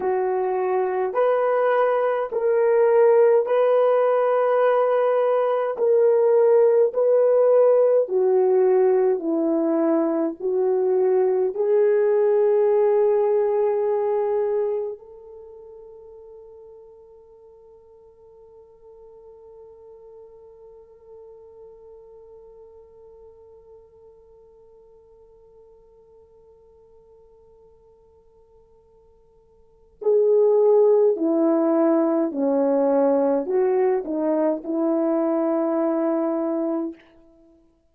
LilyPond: \new Staff \with { instrumentName = "horn" } { \time 4/4 \tempo 4 = 52 fis'4 b'4 ais'4 b'4~ | b'4 ais'4 b'4 fis'4 | e'4 fis'4 gis'2~ | gis'4 a'2.~ |
a'1~ | a'1~ | a'2 gis'4 e'4 | cis'4 fis'8 dis'8 e'2 | }